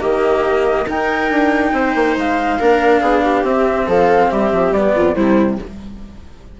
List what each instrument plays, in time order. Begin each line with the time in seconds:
0.00 bassoon D#3, cello A#3, viola G4, flute D#5
0.86 bassoon D#4, cello D#4, viola A#4, flute G5
1.30 bassoon D4
1.72 bassoon C4, viola C5
1.95 bassoon A#3
2.17 bassoon G#3, flute F5
2.59 bassoon A#3, cello D4, viola A#4
3.01 bassoon B3, viola G#4
3.24 viola G4
3.43 bassoon C4, cello C4, flute E5
3.86 bassoon F3, viola A4, flute F5
4.30 bassoon G3, viola G4, flute E5
4.52 bassoon F3
4.71 bassoon G3, cello B3, flute D5
4.95 bassoon F2, viola F4
5.15 bassoon C3, cello G3, viola E4, flute C5